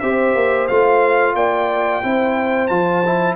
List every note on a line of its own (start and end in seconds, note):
0.00 0.35 C4
0.00 0.69 G4
0.00 1.35 C5
0.00 0.67 E5
0.35 0.69 A#3
0.68 1.35 A3
0.68 2.03 F4
0.68 1.35 F5
1.35 2.02 A#3
1.35 2.03 D5
1.35 2.67 G5
2.03 2.70 C4
2.03 2.70 E4
2.03 3.36 C5
2.67 3.36 F3
2.67 3.04 F4
2.67 3.35 A5
3.05 3.36 E4